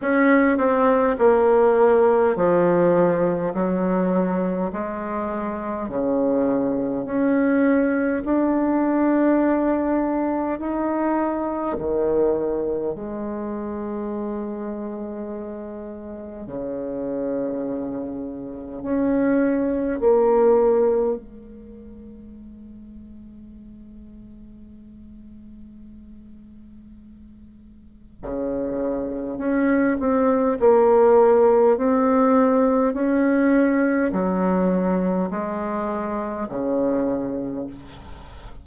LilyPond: \new Staff \with { instrumentName = "bassoon" } { \time 4/4 \tempo 4 = 51 cis'8 c'8 ais4 f4 fis4 | gis4 cis4 cis'4 d'4~ | d'4 dis'4 dis4 gis4~ | gis2 cis2 |
cis'4 ais4 gis2~ | gis1 | cis4 cis'8 c'8 ais4 c'4 | cis'4 fis4 gis4 cis4 | }